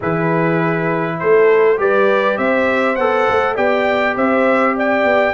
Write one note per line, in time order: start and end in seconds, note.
0.00 1.21 E3
0.00 1.77 E4
0.00 1.15 G#4
0.00 1.19 B4
1.19 1.78 A3
1.19 1.79 A4
1.19 1.78 C5
1.77 2.37 G3
1.77 2.96 G4
1.77 2.38 B4
1.77 2.37 D5
2.37 2.97 C4
2.37 3.55 C5
2.37 2.95 E5
2.95 3.27 B3
2.95 3.55 A4
2.95 3.54 F#5
3.28 3.57 A3
3.55 4.16 B3
3.55 5.33 G4
3.55 4.14 D5
3.55 4.16 G5
4.16 5.04 C4
4.16 4.75 C5
4.16 4.76 E5
4.76 5.33 D5
4.76 5.33 G5
5.04 5.33 B3